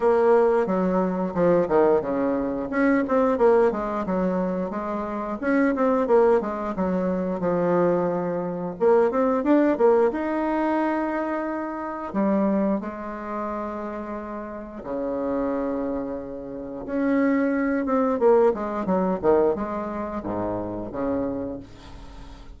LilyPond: \new Staff \with { instrumentName = "bassoon" } { \time 4/4 \tempo 4 = 89 ais4 fis4 f8 dis8 cis4 | cis'8 c'8 ais8 gis8 fis4 gis4 | cis'8 c'8 ais8 gis8 fis4 f4~ | f4 ais8 c'8 d'8 ais8 dis'4~ |
dis'2 g4 gis4~ | gis2 cis2~ | cis4 cis'4. c'8 ais8 gis8 | fis8 dis8 gis4 gis,4 cis4 | }